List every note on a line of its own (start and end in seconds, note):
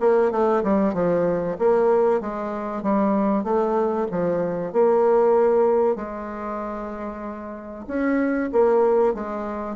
0.00 0.31 A#3
0.31 0.63 A3
0.63 0.94 G3
0.94 1.57 F3
1.58 2.20 A#3
2.20 2.82 G#3
2.82 3.43 G3
3.43 4.07 A3
4.11 4.73 F3
4.73 5.96 A#3
5.96 7.85 G#3
7.87 8.50 C#4
8.52 9.14 A#3
9.14 9.76 G#3